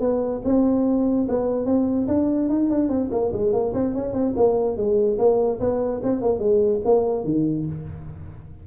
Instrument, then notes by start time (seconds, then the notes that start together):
tuba
0.00 B3
0.44 C4
1.28 B3
1.66 C4
2.08 D4
2.49 D#4
2.70 D4
2.89 C4
3.11 A#3
3.32 G#3
3.53 A#3
3.73 C4
3.94 C#4
4.13 C4
4.36 A#3
4.77 G#3
5.18 A#3
5.60 B3
6.03 C4
6.22 A#3
6.39 G#3
6.85 A#3
7.24 D#3